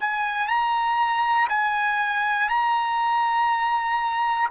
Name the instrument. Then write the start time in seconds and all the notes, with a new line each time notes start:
trumpet
0.00 G#5
0.48 A#5
1.49 G#5
2.49 A#5